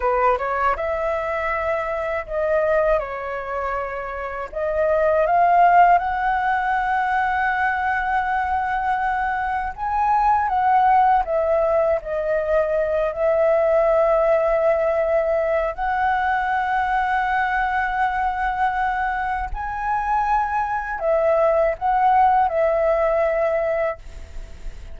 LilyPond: \new Staff \with { instrumentName = "flute" } { \time 4/4 \tempo 4 = 80 b'8 cis''8 e''2 dis''4 | cis''2 dis''4 f''4 | fis''1~ | fis''4 gis''4 fis''4 e''4 |
dis''4. e''2~ e''8~ | e''4 fis''2.~ | fis''2 gis''2 | e''4 fis''4 e''2 | }